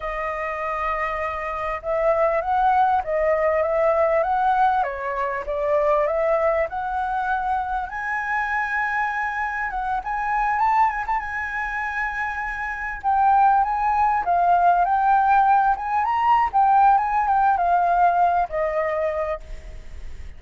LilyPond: \new Staff \with { instrumentName = "flute" } { \time 4/4 \tempo 4 = 99 dis''2. e''4 | fis''4 dis''4 e''4 fis''4 | cis''4 d''4 e''4 fis''4~ | fis''4 gis''2. |
fis''8 gis''4 a''8 gis''16 a''16 gis''4.~ | gis''4. g''4 gis''4 f''8~ | f''8 g''4. gis''8 ais''8. g''8. | gis''8 g''8 f''4. dis''4. | }